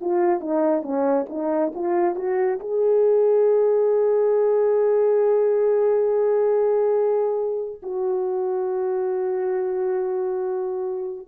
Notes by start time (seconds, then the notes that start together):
0.00 F4
0.40 D#4
0.82 C#4
1.29 D#4
1.74 F4
2.15 F#4
2.59 G#4
7.83 F#4